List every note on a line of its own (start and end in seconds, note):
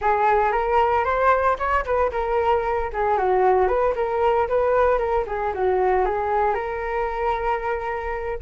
0.01 0.52 G#4
0.52 1.04 A#4
1.04 1.57 C5
1.58 1.84 C#5
1.85 2.11 B4
2.11 2.90 A#4
2.92 3.17 G#4
3.17 3.68 F#4
3.68 3.94 B4
3.95 4.48 A#4
4.48 4.98 B4
4.98 5.24 A#4
5.26 5.53 G#4
5.54 6.05 F#4
6.05 6.54 G#4
6.54 8.38 A#4